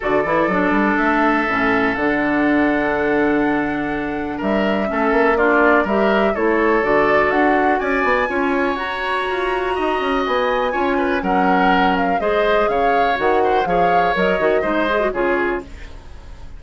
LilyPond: <<
  \new Staff \with { instrumentName = "flute" } { \time 4/4 \tempo 4 = 123 d''2 e''2 | fis''1~ | fis''4 e''2 d''4 | e''4 cis''4 d''4 fis''4 |
gis''2 ais''2~ | ais''4 gis''2 fis''4~ | fis''8 f''8 dis''4 f''4 fis''4 | f''4 dis''2 cis''4 | }
  \new Staff \with { instrumentName = "oboe" } { \time 4/4 a'1~ | a'1~ | a'4 ais'4 a'4 f'4 | ais'4 a'2. |
d''4 cis''2. | dis''2 cis''8 b'8 ais'4~ | ais'4 c''4 cis''4. c''8 | cis''2 c''4 gis'4 | }
  \new Staff \with { instrumentName = "clarinet" } { \time 4/4 fis'8 e'8 d'2 cis'4 | d'1~ | d'2 cis'4 d'4 | g'4 e'4 fis'2~ |
fis'4 f'4 fis'2~ | fis'2 f'4 cis'4~ | cis'4 gis'2 fis'4 | gis'4 ais'8 fis'8 dis'8 gis'16 fis'16 f'4 | }
  \new Staff \with { instrumentName = "bassoon" } { \time 4/4 d8 e8 fis8 g8 a4 a,4 | d1~ | d4 g4 a8 ais4. | g4 a4 d4 d'4 |
cis'8 b8 cis'4 fis'4 f'4 | dis'8 cis'8 b4 cis'4 fis4~ | fis4 gis4 cis4 dis4 | f4 fis8 dis8 gis4 cis4 | }
>>